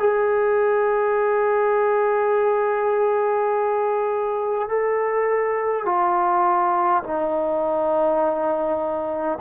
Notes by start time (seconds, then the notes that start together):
0.00 G#4
4.69 A4
5.86 F4
7.04 D#4